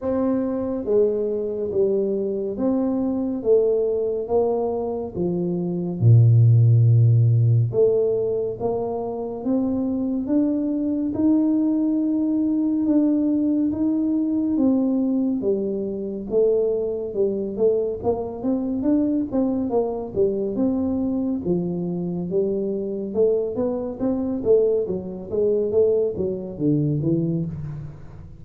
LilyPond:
\new Staff \with { instrumentName = "tuba" } { \time 4/4 \tempo 4 = 70 c'4 gis4 g4 c'4 | a4 ais4 f4 ais,4~ | ais,4 a4 ais4 c'4 | d'4 dis'2 d'4 |
dis'4 c'4 g4 a4 | g8 a8 ais8 c'8 d'8 c'8 ais8 g8 | c'4 f4 g4 a8 b8 | c'8 a8 fis8 gis8 a8 fis8 d8 e8 | }